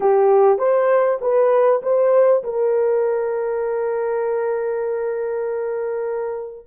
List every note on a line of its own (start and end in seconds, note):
0.00 0.58 G4
0.58 1.18 C5
1.21 1.82 B4
1.82 2.43 C5
2.43 6.66 A#4